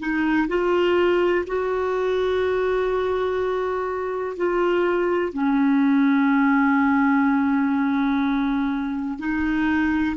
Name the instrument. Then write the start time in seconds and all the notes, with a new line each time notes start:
clarinet
0.00 D#4
0.49 F4
1.47 F#4
4.37 F4
5.34 C#4
9.19 D#4